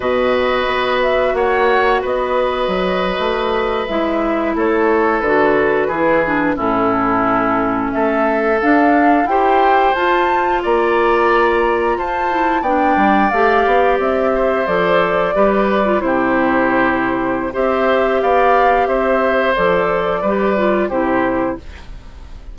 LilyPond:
<<
  \new Staff \with { instrumentName = "flute" } { \time 4/4 \tempo 4 = 89 dis''4. e''8 fis''4 dis''4~ | dis''4.~ dis''16 e''4 cis''4 b'16~ | b'4.~ b'16 a'2 e''16~ | e''8. f''4 g''4 a''4 ais''16~ |
ais''4.~ ais''16 a''4 g''4 f''16~ | f''8. e''4 d''2 c''16~ | c''2 e''4 f''4 | e''4 d''2 c''4 | }
  \new Staff \with { instrumentName = "oboe" } { \time 4/4 b'2 cis''4 b'4~ | b'2~ b'8. a'4~ a'16~ | a'8. gis'4 e'2 a'16~ | a'4.~ a'16 c''2 d''16~ |
d''4.~ d''16 c''4 d''4~ d''16~ | d''4~ d''16 c''4. b'4 g'16~ | g'2 c''4 d''4 | c''2 b'4 g'4 | }
  \new Staff \with { instrumentName = "clarinet" } { \time 4/4 fis'1~ | fis'4.~ fis'16 e'2 fis'16~ | fis'8. e'8 d'8 cis'2~ cis'16~ | cis'8. d'4 g'4 f'4~ f'16~ |
f'2~ f'16 e'8 d'4 g'16~ | g'4.~ g'16 a'4 g'8. f'16 e'16~ | e'2 g'2~ | g'4 a'4 g'8 f'8 e'4 | }
  \new Staff \with { instrumentName = "bassoon" } { \time 4/4 b,4 b4 ais4 b4 | fis8. a4 gis4 a4 d16~ | d8. e4 a,2 a16~ | a8. d'4 e'4 f'4 ais16~ |
ais4.~ ais16 f'4 b8 g8 a16~ | a16 b8 c'4 f4 g4 c16~ | c2 c'4 b4 | c'4 f4 g4 c4 | }
>>